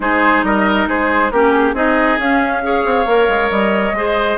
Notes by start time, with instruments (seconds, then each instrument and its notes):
0.00 bassoon G#3, clarinet D#4, oboe G#4, flute C5
0.43 bassoon G3, oboe A#4, flute D#5
0.87 bassoon G#3, oboe G#4, flute C5
1.31 bassoon A#3, clarinet C#4, oboe G4, flute A#4
1.52 flute G#4
1.73 bassoon C4, clarinet D#4, oboe G#4, flute D#5
2.18 bassoon C#4, clarinet C#4, flute F5
2.62 clarinet G#4, oboe C#5
2.85 bassoon C4
3.05 bassoon A#3, clarinet A#4
3.28 bassoon G#3
3.50 bassoon G3, flute D#5
3.92 bassoon G#3, clarinet G#4, oboe C5